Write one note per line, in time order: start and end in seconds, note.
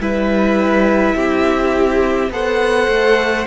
0.00 1.15 G3
0.00 2.31 E4
0.00 1.16 B4
0.00 2.33 E5
1.16 2.30 C4
1.16 2.31 G4
2.30 2.87 B3
2.30 3.47 A4
2.30 3.47 C5
2.30 3.47 F#5
2.88 3.46 A3